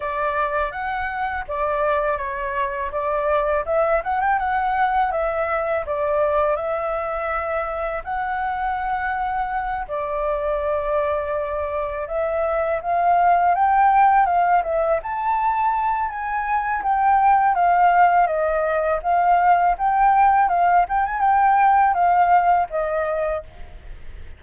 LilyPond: \new Staff \with { instrumentName = "flute" } { \time 4/4 \tempo 4 = 82 d''4 fis''4 d''4 cis''4 | d''4 e''8 fis''16 g''16 fis''4 e''4 | d''4 e''2 fis''4~ | fis''4. d''2~ d''8~ |
d''8 e''4 f''4 g''4 f''8 | e''8 a''4. gis''4 g''4 | f''4 dis''4 f''4 g''4 | f''8 g''16 gis''16 g''4 f''4 dis''4 | }